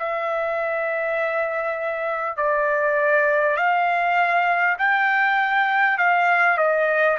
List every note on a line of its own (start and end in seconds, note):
0.00 2.37 E5
2.37 3.57 D5
3.57 4.77 F5
4.79 5.99 G5
5.99 6.58 F5
6.58 7.18 D#5